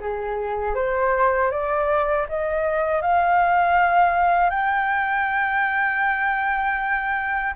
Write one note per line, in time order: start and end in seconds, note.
0.00 0.75 G#4
0.75 1.51 C5
1.51 2.27 D5
2.29 3.02 D#5
3.02 4.50 F5
4.50 7.54 G5